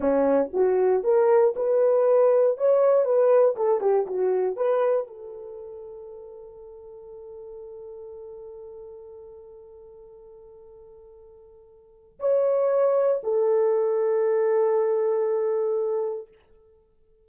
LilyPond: \new Staff \with { instrumentName = "horn" } { \time 4/4 \tempo 4 = 118 cis'4 fis'4 ais'4 b'4~ | b'4 cis''4 b'4 a'8 g'8 | fis'4 b'4 a'2~ | a'1~ |
a'1~ | a'1 | cis''2 a'2~ | a'1 | }